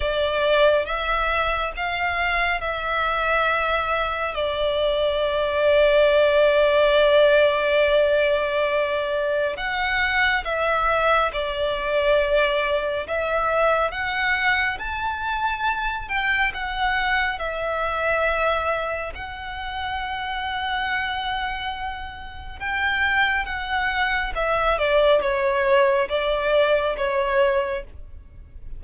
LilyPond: \new Staff \with { instrumentName = "violin" } { \time 4/4 \tempo 4 = 69 d''4 e''4 f''4 e''4~ | e''4 d''2.~ | d''2. fis''4 | e''4 d''2 e''4 |
fis''4 a''4. g''8 fis''4 | e''2 fis''2~ | fis''2 g''4 fis''4 | e''8 d''8 cis''4 d''4 cis''4 | }